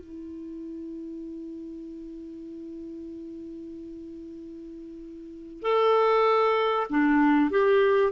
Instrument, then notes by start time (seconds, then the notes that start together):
clarinet
0.00 E4
5.62 A4
6.90 D4
7.51 G4